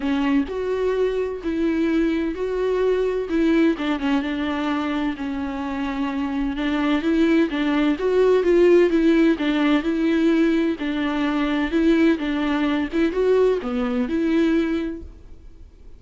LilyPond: \new Staff \with { instrumentName = "viola" } { \time 4/4 \tempo 4 = 128 cis'4 fis'2 e'4~ | e'4 fis'2 e'4 | d'8 cis'8 d'2 cis'4~ | cis'2 d'4 e'4 |
d'4 fis'4 f'4 e'4 | d'4 e'2 d'4~ | d'4 e'4 d'4. e'8 | fis'4 b4 e'2 | }